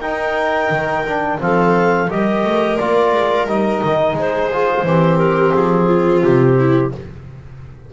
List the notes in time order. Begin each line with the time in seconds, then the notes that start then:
0.00 D#4 A#4 G5
0.70 D#3
1.06 D4
1.39 F3 C4 A4 F5
2.09 G3 G4 A#4 D#5
2.44 A3
2.77 A#3 F4 D5
3.13 G#3
3.47 G3 D#4 D#5
3.83 D#3
4.13 G#3 G#4
4.19 C5
4.52 F4
4.83 E3 C4 G4
5.18 A#4
5.54 F3 G#4
5.87 F4
6.22 C3 G4
6.58 E4